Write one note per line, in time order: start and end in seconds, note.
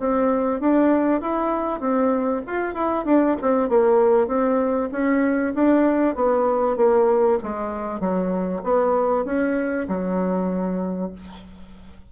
0.00 0.60 C4
0.60 1.21 D4
1.21 1.80 E4
1.80 2.42 C4
2.47 2.74 F4
2.74 3.05 E4
3.05 3.36 D4
3.42 3.69 C4
3.69 4.27 A#3
4.27 4.89 C4
4.92 5.54 C#4
5.55 6.15 D4
6.15 6.77 B3
6.77 7.39 A#3
7.43 8.00 G#3
8.00 8.62 F#3
8.63 9.25 B3
9.25 9.87 C#4
9.89 11.12 F#3